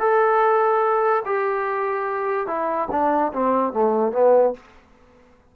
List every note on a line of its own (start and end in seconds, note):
0.00 1.23 A4
1.26 2.48 G4
2.48 2.89 E4
2.91 3.33 D4
3.33 3.74 C4
3.74 4.13 A3
4.13 4.54 B3